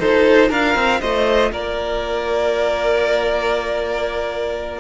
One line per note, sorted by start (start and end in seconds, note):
0.00 0.51 D#4
0.00 4.80 F4
0.00 0.49 A4
0.00 0.51 C5
0.49 0.75 D4
0.49 1.00 A#4
0.49 1.01 F5
0.75 1.00 C4
1.01 1.51 A3
1.01 1.51 C5
1.01 1.52 D#5
1.51 4.80 A#3
1.51 4.80 A#4
1.51 4.80 D5